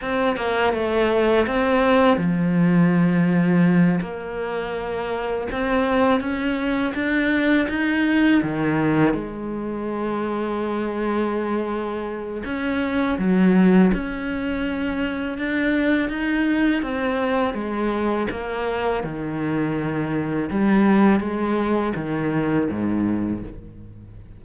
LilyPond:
\new Staff \with { instrumentName = "cello" } { \time 4/4 \tempo 4 = 82 c'8 ais8 a4 c'4 f4~ | f4. ais2 c'8~ | c'8 cis'4 d'4 dis'4 dis8~ | dis8 gis2.~ gis8~ |
gis4 cis'4 fis4 cis'4~ | cis'4 d'4 dis'4 c'4 | gis4 ais4 dis2 | g4 gis4 dis4 gis,4 | }